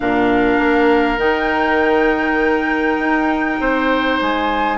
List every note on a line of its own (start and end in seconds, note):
0.00 0.59 A#2
0.00 1.18 D4
0.00 3.60 A#4
0.00 1.19 F5
0.59 1.18 A#3
1.18 2.98 D#3
1.18 4.77 D#4
1.18 4.19 G5
2.98 3.58 D#4
3.60 4.20 C4
3.60 4.77 C5
4.21 4.77 G#3
4.21 4.77 G#5